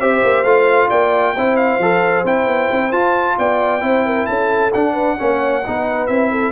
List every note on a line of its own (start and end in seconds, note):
0.00 0.23 C4
0.00 0.45 G4
0.00 0.89 C5
0.00 0.43 E5
0.23 0.44 A#3
0.43 0.89 A3
0.43 1.36 F4
0.43 0.89 F5
0.89 1.36 A#3
0.89 1.34 D5
0.89 1.56 G5
1.36 1.78 C4
1.36 1.82 E4
1.36 3.38 C5
1.56 2.24 F5
1.78 2.23 F3
1.78 2.25 A4
2.24 2.46 C4
2.24 2.92 E4
2.24 2.92 G5
2.46 2.69 B3
2.71 2.92 C4
2.92 3.80 F4
2.92 3.37 F4
2.92 3.37 A5
3.38 3.82 B3
3.38 3.83 D5
3.38 4.26 G5
3.80 4.27 C4
3.80 4.71 E4
3.80 4.05 C5
4.05 4.28 A#4
4.26 4.73 C#4
4.26 4.92 A4
4.26 4.71 A5
4.73 5.20 D4
4.73 5.18 D4
4.73 6.07 F#5
4.92 5.15 B4
5.18 5.66 A#3
5.18 5.63 C#4
5.18 5.64 C#5
5.66 6.08 B3
5.66 6.08 D#4
5.66 6.31 B4
6.07 6.52 C4
6.07 6.52 E4
6.07 6.52 E5
6.31 6.52 A4